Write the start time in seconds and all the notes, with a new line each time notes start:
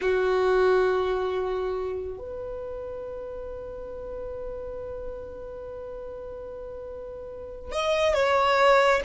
0.01 F#4
2.18 B4
7.71 D#5
8.14 C#5